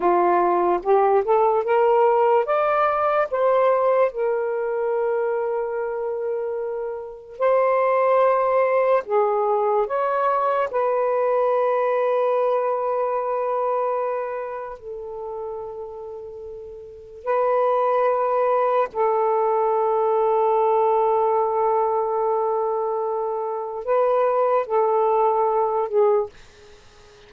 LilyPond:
\new Staff \with { instrumentName = "saxophone" } { \time 4/4 \tempo 4 = 73 f'4 g'8 a'8 ais'4 d''4 | c''4 ais'2.~ | ais'4 c''2 gis'4 | cis''4 b'2.~ |
b'2 a'2~ | a'4 b'2 a'4~ | a'1~ | a'4 b'4 a'4. gis'8 | }